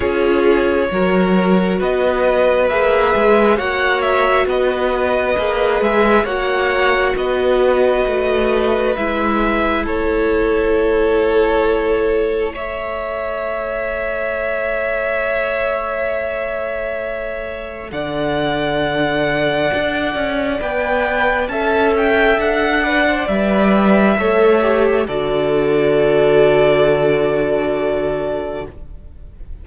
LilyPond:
<<
  \new Staff \with { instrumentName = "violin" } { \time 4/4 \tempo 4 = 67 cis''2 dis''4 e''4 | fis''8 e''8 dis''4. e''8 fis''4 | dis''2 e''4 cis''4~ | cis''2 e''2~ |
e''1 | fis''2. g''4 | a''8 g''8 fis''4 e''2 | d''1 | }
  \new Staff \with { instrumentName = "violin" } { \time 4/4 gis'4 ais'4 b'2 | cis''4 b'2 cis''4 | b'2. a'4~ | a'2 cis''2~ |
cis''1 | d''1 | e''4. d''4. cis''4 | a'1 | }
  \new Staff \with { instrumentName = "viola" } { \time 4/4 f'4 fis'2 gis'4 | fis'2 gis'4 fis'4~ | fis'2 e'2~ | e'2 a'2~ |
a'1~ | a'2. b'4 | a'4. b'16 c''16 b'4 a'8 g'8 | fis'1 | }
  \new Staff \with { instrumentName = "cello" } { \time 4/4 cis'4 fis4 b4 ais8 gis8 | ais4 b4 ais8 gis8 ais4 | b4 a4 gis4 a4~ | a1~ |
a1 | d2 d'8 cis'8 b4 | cis'4 d'4 g4 a4 | d1 | }
>>